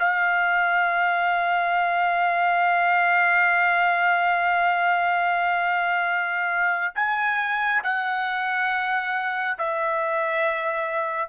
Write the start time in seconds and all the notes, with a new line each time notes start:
0.00 F5
6.96 G#5
7.84 F#5
9.58 E5